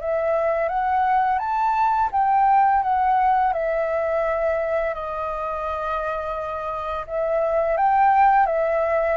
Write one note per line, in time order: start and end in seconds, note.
0.00 0.68 E5
0.68 1.39 F#5
1.39 2.09 A5
2.12 2.82 G5
2.82 3.53 F#5
3.53 4.94 E5
4.94 7.06 D#5
7.07 7.77 E5
7.77 8.46 G5
8.46 9.17 E5